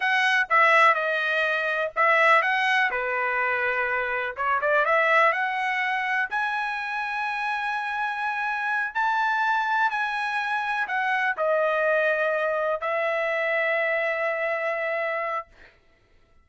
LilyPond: \new Staff \with { instrumentName = "trumpet" } { \time 4/4 \tempo 4 = 124 fis''4 e''4 dis''2 | e''4 fis''4 b'2~ | b'4 cis''8 d''8 e''4 fis''4~ | fis''4 gis''2.~ |
gis''2~ gis''8 a''4.~ | a''8 gis''2 fis''4 dis''8~ | dis''2~ dis''8 e''4.~ | e''1 | }